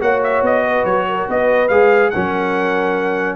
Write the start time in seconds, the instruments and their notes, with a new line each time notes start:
0.00 tuba A#3, trombone F#4, horn C#5, trumpet F#5
0.23 trumpet E5
0.41 tuba B3, trumpet D#5
0.65 horn B4
0.84 tuba F#3, trumpet C#5
1.08 horn A#4
1.27 tuba B3, horn B4, trumpet D#5
1.68 tuba G#3, trombone G#4, trumpet F5
2.10 tuba F#3, trombone C#4, horn A#4, trumpet F#5